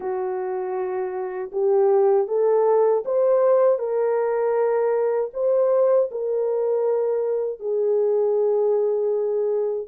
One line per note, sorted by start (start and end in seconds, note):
0.00 1.51 F#4
1.52 2.28 G4
2.28 3.03 A4
3.05 3.78 C5
3.78 5.30 A#4
5.33 6.09 C5
6.11 7.59 A#4
7.59 9.87 G#4